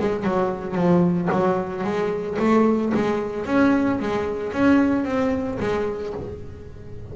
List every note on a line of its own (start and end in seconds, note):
0.00 0.24 G#3
0.24 0.75 F#3
0.75 1.29 F3
1.32 1.84 F#3
1.84 2.37 G#3
2.39 2.92 A3
2.94 3.46 G#3
3.46 3.99 C#4
4.00 4.53 G#3
4.53 5.05 C#4
5.05 5.58 C4
5.60 6.13 G#3